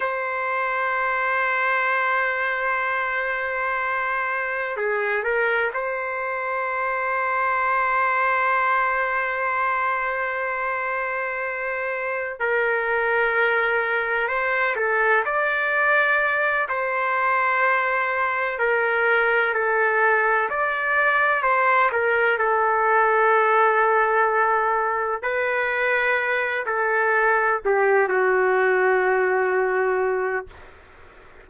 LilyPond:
\new Staff \with { instrumentName = "trumpet" } { \time 4/4 \tempo 4 = 63 c''1~ | c''4 gis'8 ais'8 c''2~ | c''1~ | c''4 ais'2 c''8 a'8 |
d''4. c''2 ais'8~ | ais'8 a'4 d''4 c''8 ais'8 a'8~ | a'2~ a'8 b'4. | a'4 g'8 fis'2~ fis'8 | }